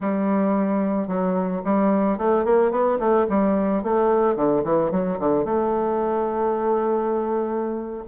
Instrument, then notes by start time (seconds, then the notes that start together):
bassoon
0.00 G3
1.07 F#3
1.64 G3
2.17 A3
2.44 A#3
2.71 B3
2.99 A3
3.29 G3
3.83 A3
4.36 D3
4.64 E3
4.91 F#3
5.19 D3
5.44 A3